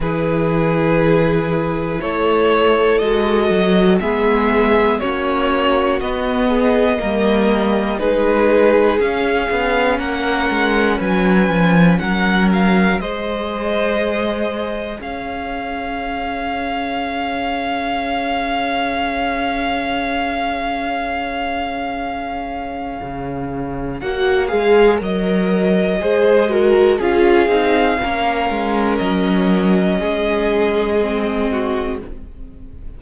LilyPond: <<
  \new Staff \with { instrumentName = "violin" } { \time 4/4 \tempo 4 = 60 b'2 cis''4 dis''4 | e''4 cis''4 dis''2 | b'4 f''4 fis''4 gis''4 | fis''8 f''8 dis''2 f''4~ |
f''1~ | f''1 | fis''8 f''8 dis''2 f''4~ | f''4 dis''2. | }
  \new Staff \with { instrumentName = "violin" } { \time 4/4 gis'2 a'2 | gis'4 fis'4. gis'8 ais'4 | gis'2 ais'4 b'4 | ais'4 c''2 cis''4~ |
cis''1~ | cis''1~ | cis''2 c''8 ais'8 gis'4 | ais'2 gis'4. fis'8 | }
  \new Staff \with { instrumentName = "viola" } { \time 4/4 e'2. fis'4 | b4 cis'4 b4 ais4 | dis'4 cis'2.~ | cis'4 gis'2.~ |
gis'1~ | gis'1 | fis'8 gis'8 ais'4 gis'8 fis'8 f'8 dis'8 | cis'2. c'4 | }
  \new Staff \with { instrumentName = "cello" } { \time 4/4 e2 a4 gis8 fis8 | gis4 ais4 b4 g4 | gis4 cis'8 b8 ais8 gis8 fis8 f8 | fis4 gis2 cis'4~ |
cis'1~ | cis'2. cis4 | ais8 gis8 fis4 gis4 cis'8 c'8 | ais8 gis8 fis4 gis2 | }
>>